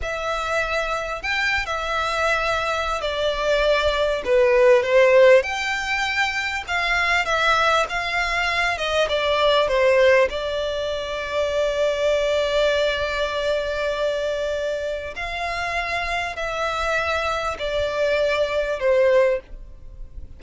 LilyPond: \new Staff \with { instrumentName = "violin" } { \time 4/4 \tempo 4 = 99 e''2 g''8. e''4~ e''16~ | e''4 d''2 b'4 | c''4 g''2 f''4 | e''4 f''4. dis''8 d''4 |
c''4 d''2.~ | d''1~ | d''4 f''2 e''4~ | e''4 d''2 c''4 | }